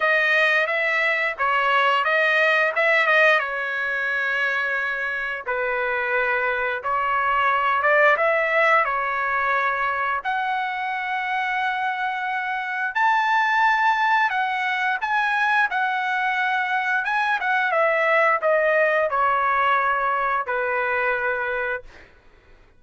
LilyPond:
\new Staff \with { instrumentName = "trumpet" } { \time 4/4 \tempo 4 = 88 dis''4 e''4 cis''4 dis''4 | e''8 dis''8 cis''2. | b'2 cis''4. d''8 | e''4 cis''2 fis''4~ |
fis''2. a''4~ | a''4 fis''4 gis''4 fis''4~ | fis''4 gis''8 fis''8 e''4 dis''4 | cis''2 b'2 | }